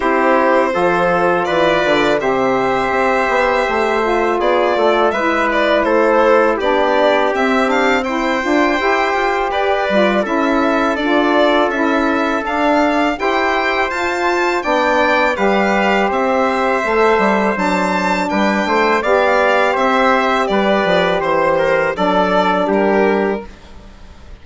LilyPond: <<
  \new Staff \with { instrumentName = "violin" } { \time 4/4 \tempo 4 = 82 c''2 d''4 e''4~ | e''2 d''4 e''8 d''8 | c''4 d''4 e''8 f''8 g''4~ | g''4 d''4 e''4 d''4 |
e''4 f''4 g''4 a''4 | g''4 f''4 e''2 | a''4 g''4 f''4 e''4 | d''4 c''4 d''4 ais'4 | }
  \new Staff \with { instrumentName = "trumpet" } { \time 4/4 g'4 a'4 b'4 c''4~ | c''2 gis'8 a'8 b'4 | a'4 g'2 c''4~ | c''4 b'4 a'2~ |
a'2 c''2 | d''4 b'4 c''2~ | c''4 b'8 c''8 d''4 c''4 | b'4 c''8 ais'8 a'4 g'4 | }
  \new Staff \with { instrumentName = "saxophone" } { \time 4/4 e'4 f'2 g'4~ | g'4. f'4. e'4~ | e'4 d'4 c'8 d'8 e'8 f'8 | g'4. f'8 e'4 f'4 |
e'4 d'4 g'4 f'4 | d'4 g'2 a'4 | d'2 g'2~ | g'2 d'2 | }
  \new Staff \with { instrumentName = "bassoon" } { \time 4/4 c'4 f4 e8 d8 c4 | c'8 b8 a4 b8 a8 gis4 | a4 b4 c'4. d'8 | e'8 f'8 g'8 g8 cis'4 d'4 |
cis'4 d'4 e'4 f'4 | b4 g4 c'4 a8 g8 | fis4 g8 a8 b4 c'4 | g8 f8 e4 fis4 g4 | }
>>